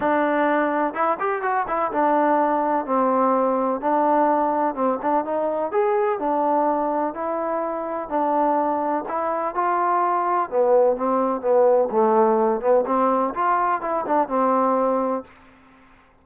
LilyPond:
\new Staff \with { instrumentName = "trombone" } { \time 4/4 \tempo 4 = 126 d'2 e'8 g'8 fis'8 e'8 | d'2 c'2 | d'2 c'8 d'8 dis'4 | gis'4 d'2 e'4~ |
e'4 d'2 e'4 | f'2 b4 c'4 | b4 a4. b8 c'4 | f'4 e'8 d'8 c'2 | }